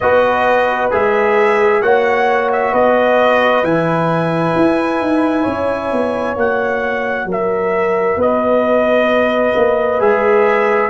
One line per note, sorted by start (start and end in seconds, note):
0.00 0.91 B3
0.00 0.91 F#4
0.00 1.82 B4
0.00 0.90 D#5
0.91 1.81 G#3
0.91 1.82 G#4
0.91 1.82 E5
1.81 2.72 A#3
1.81 3.64 F#4
1.81 2.72 C#5
1.81 2.50 F#5
2.52 2.74 E5
2.72 3.63 B3
2.72 5.42 B4
2.72 3.64 D#5
3.63 4.54 E3
3.63 6.35 E4
3.63 6.37 G#5
4.55 5.00 E4
5.00 5.46 D#4
5.42 5.92 C#4
5.42 7.24 C#5
5.92 6.36 B3
6.35 7.25 A#3
6.35 9.99 F#4
6.35 7.28 F#5
7.25 8.16 F#3
7.25 8.17 A#4
7.31 8.21 E5
8.16 9.52 B3
8.16 10.89 B4
8.16 10.00 D#5
9.55 10.00 A#3
9.99 10.89 G#3
9.99 10.89 G#4
9.99 10.89 E5